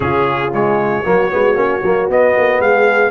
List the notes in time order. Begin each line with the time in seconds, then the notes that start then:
0.00 C#3 C#4 F4 G#4
0.53 G#3 C#5
1.04 F#3 A#3 F#4
1.30 G#3 B3
1.54 A#3 C#4
1.83 F#3 A#3
2.08 B3 D#5
2.37 A#3
2.59 G#3 G#4 F5